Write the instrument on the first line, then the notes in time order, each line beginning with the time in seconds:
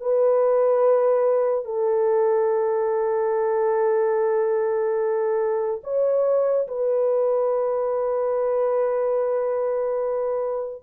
horn
0.00 B4
1.64 A4
5.83 C#5
6.67 B4